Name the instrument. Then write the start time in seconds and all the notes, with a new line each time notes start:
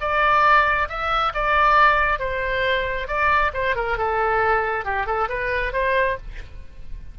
oboe
0.00 D5
0.88 E5
1.34 D5
2.19 C5
3.07 D5
3.53 C5
3.75 A#4
3.97 A4
4.84 G4
5.06 A4
5.28 B4
5.73 C5